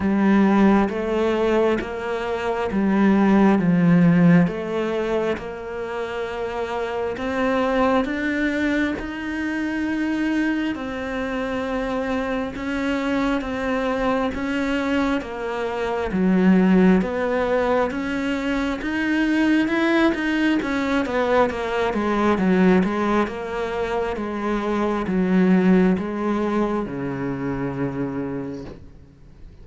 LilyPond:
\new Staff \with { instrumentName = "cello" } { \time 4/4 \tempo 4 = 67 g4 a4 ais4 g4 | f4 a4 ais2 | c'4 d'4 dis'2 | c'2 cis'4 c'4 |
cis'4 ais4 fis4 b4 | cis'4 dis'4 e'8 dis'8 cis'8 b8 | ais8 gis8 fis8 gis8 ais4 gis4 | fis4 gis4 cis2 | }